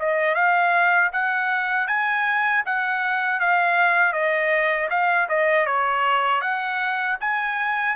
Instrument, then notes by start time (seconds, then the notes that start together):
trumpet
0.00 D#5
0.35 F5
1.13 F#5
1.87 G#5
2.66 F#5
3.40 F5
4.13 D#5
4.90 F5
5.29 D#5
5.66 C#5
6.41 F#5
7.20 G#5